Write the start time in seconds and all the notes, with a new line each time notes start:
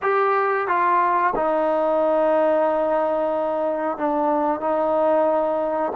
0.02 G4
0.67 F4
1.35 D#4
3.97 D4
4.60 D#4